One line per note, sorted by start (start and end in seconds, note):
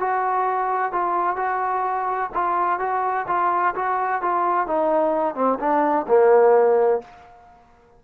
0.00 0.92 F#4
0.92 1.37 F4
1.37 2.31 F#4
2.34 2.80 F4
2.80 3.27 F#4
3.28 3.75 F4
3.75 4.22 F#4
4.22 4.67 F4
4.67 5.35 D#4
5.35 5.59 C4
5.60 6.07 D4
6.08 7.02 A#3